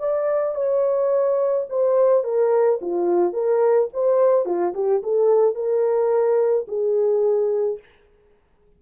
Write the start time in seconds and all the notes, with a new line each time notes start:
0.00 D5
0.55 C#5
1.70 C5
2.24 A#4
2.82 F4
3.33 A#4
3.94 C5
4.46 F4
4.74 G4
5.03 A4
5.56 A#4
6.68 G#4